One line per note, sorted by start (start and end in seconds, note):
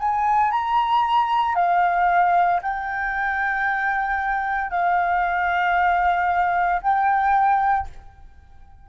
0.00 0.52 G#5
0.52 1.56 A#5
1.56 2.61 F5
2.62 4.71 G5
4.71 6.81 F5
6.82 7.88 G5